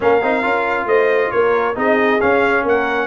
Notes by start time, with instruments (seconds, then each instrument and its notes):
0.00 tuba A#3, trombone C#4, horn A#4, trumpet F5
0.22 tuba C4, trombone D#4
0.42 tuba C#4, trombone F4
0.85 tuba A3, horn C5, trumpet D#5
1.31 tuba A#3, horn A#4, trumpet C#5
1.75 tuba C4, trombone D#4, horn G#4, trumpet D#5
2.20 trombone C#4, tuba C#4, trumpet F5
2.62 tuba A#3, horn A#4, trumpet F#5